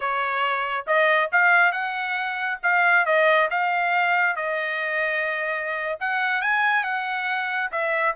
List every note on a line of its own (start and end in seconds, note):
0.00 0.85 C#5
0.86 1.30 D#5
1.32 1.72 F5
1.72 2.58 F#5
2.63 3.05 F5
3.05 3.49 D#5
3.50 4.36 F5
4.36 5.99 D#5
6.00 6.41 F#5
6.41 6.83 G#5
6.83 7.70 F#5
7.71 8.15 E5